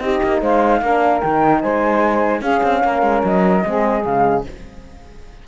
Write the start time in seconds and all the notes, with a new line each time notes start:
0.00 C4 D#4 G4 D#5
0.23 A#3
0.41 G#3 C5 F5
0.82 A#3 D4 A#4
1.21 D#3 D#4 G5
1.62 G#3 C5 G#5
2.41 C#4 G#4 F5
2.63 C4
2.84 A#3 A#4
3.03 G#3
3.24 F#3 D#5
3.64 G#3 C4 G#4
4.04 C#3 G#3 F5